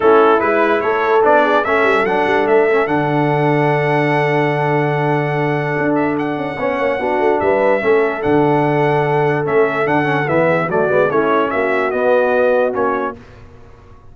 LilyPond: <<
  \new Staff \with { instrumentName = "trumpet" } { \time 4/4 \tempo 4 = 146 a'4 b'4 cis''4 d''4 | e''4 fis''4 e''4 fis''4~ | fis''1~ | fis''2~ fis''8 e''8 fis''4~ |
fis''2 e''2 | fis''2. e''4 | fis''4 e''4 d''4 cis''4 | e''4 dis''2 cis''4 | }
  \new Staff \with { instrumentName = "horn" } { \time 4/4 e'2 a'4. gis'8 | a'1~ | a'1~ | a'1 |
cis''4 fis'4 b'4 a'4~ | a'1~ | a'4. gis'8 fis'4 e'4 | fis'1 | }
  \new Staff \with { instrumentName = "trombone" } { \time 4/4 cis'4 e'2 d'4 | cis'4 d'4. cis'8 d'4~ | d'1~ | d'1 |
cis'4 d'2 cis'4 | d'2. cis'4 | d'8 cis'8 b4 a8 b8 cis'4~ | cis'4 b2 cis'4 | }
  \new Staff \with { instrumentName = "tuba" } { \time 4/4 a4 gis4 a4 b4 | a8 g8 fis8 g8 a4 d4~ | d1~ | d2 d'4. cis'8 |
b8 ais8 b8 a8 g4 a4 | d2. a4 | d4 e4 fis8 gis8 a4 | ais4 b2 ais4 | }
>>